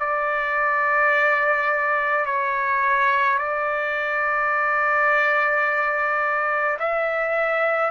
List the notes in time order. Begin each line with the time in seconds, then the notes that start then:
0.00 D5
2.26 C#5
3.39 D5
6.80 E5